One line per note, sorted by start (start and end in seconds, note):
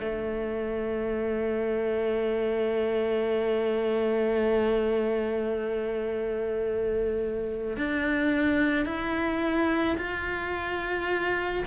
0.00 7.77 A3
7.77 8.86 D4
8.86 9.97 E4
9.97 11.64 F4